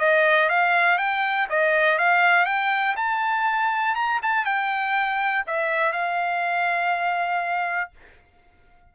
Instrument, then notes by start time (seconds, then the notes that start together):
trumpet
0.00 D#5
0.50 F5
0.98 G5
1.50 D#5
1.99 F5
2.46 G5
2.97 A5
3.96 A#5
4.23 A5
4.46 G5
5.47 E5
5.93 F5